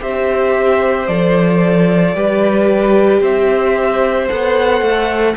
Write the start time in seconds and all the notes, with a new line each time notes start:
0.00 C4 G4 C5 E5
1.08 F3 A4 D5
2.15 G3 G4 B4
3.21 C4 C5 E5
4.29 B3 A4 F#5
4.82 A3